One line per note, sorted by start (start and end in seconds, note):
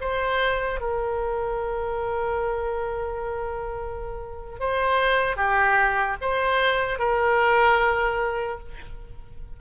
0.00 0.80 C5
0.80 4.59 A#4
4.59 5.36 C5
5.36 6.16 G4
6.21 6.99 C5
6.99 8.59 A#4